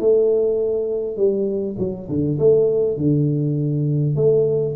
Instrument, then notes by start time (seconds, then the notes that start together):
tuba
0.00 A3
1.17 G3
1.78 F#3
2.09 D3
2.39 A3
2.97 D3
4.16 A3